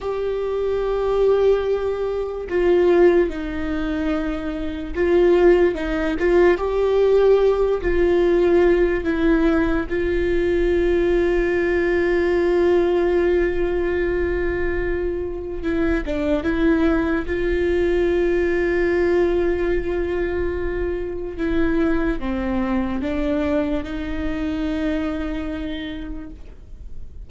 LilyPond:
\new Staff \with { instrumentName = "viola" } { \time 4/4 \tempo 4 = 73 g'2. f'4 | dis'2 f'4 dis'8 f'8 | g'4. f'4. e'4 | f'1~ |
f'2. e'8 d'8 | e'4 f'2.~ | f'2 e'4 c'4 | d'4 dis'2. | }